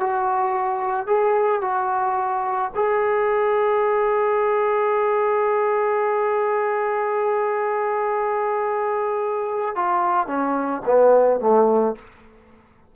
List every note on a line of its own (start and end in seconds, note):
0.00 1.07 F#4
1.07 1.61 G#4
1.61 2.71 F#4
2.75 9.76 G#4
9.76 10.27 F4
10.27 10.82 C#4
10.86 11.40 B3
11.40 11.95 A3